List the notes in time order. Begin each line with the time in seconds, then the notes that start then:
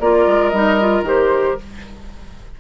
0.00 A#3 F4 A#4 D5
0.27 G#3
0.50 G3 D#4 D#5
0.81 F4
1.02 D#3 G4 C5